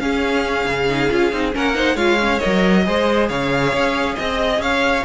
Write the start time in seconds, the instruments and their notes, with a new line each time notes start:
0.00 viola C#4, cello C#4, violin G#4 F5
0.66 cello C#3
0.90 viola D#4
1.11 cello C#4, viola F4
1.33 cello C4, viola D#4
1.53 cello A#3, viola C#4, violin A#4 F#5
1.75 viola D#4, violin C5
1.95 cello G#3, viola F4, violin C#5 F5
2.20 viola C#4
2.39 viola A#4, violin D#5
2.45 cello F#3
2.84 cello G#3, viola G#4, violin C5
3.29 cello C#3, violin C#5 F5
3.73 cello C#4
4.16 cello C4, violin D#5
4.59 cello C#4, violin C#5 F5